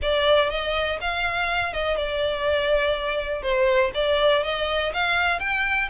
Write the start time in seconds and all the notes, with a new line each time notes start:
0.02 D5
0.50 D#5
1.01 F5
1.73 D#5
1.96 D5
3.42 C5
3.94 D5
4.43 D#5
4.93 F5
5.39 G5